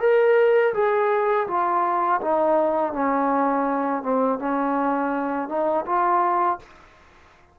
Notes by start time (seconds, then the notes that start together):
0.00 A#4
0.73 G#4
1.47 F4
2.21 D#4
2.93 C#4
4.02 C4
4.39 C#4
5.48 D#4
5.85 F4